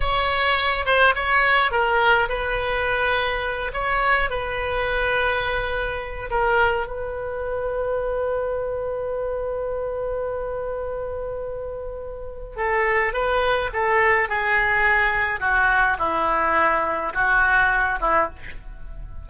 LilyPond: \new Staff \with { instrumentName = "oboe" } { \time 4/4 \tempo 4 = 105 cis''4. c''8 cis''4 ais'4 | b'2~ b'8 cis''4 b'8~ | b'2. ais'4 | b'1~ |
b'1~ | b'2 a'4 b'4 | a'4 gis'2 fis'4 | e'2 fis'4. e'8 | }